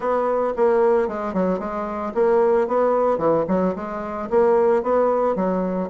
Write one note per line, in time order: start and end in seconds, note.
0.00 0.53 B3
0.56 1.07 A#3
1.07 1.33 G#3
1.33 1.59 F#3
1.59 2.12 G#3
2.14 2.67 A#3
2.67 3.18 B3
3.18 3.45 E3
3.48 3.75 F#3
3.75 4.29 G#3
4.30 4.82 A#3
4.82 5.35 B3
5.35 5.89 F#3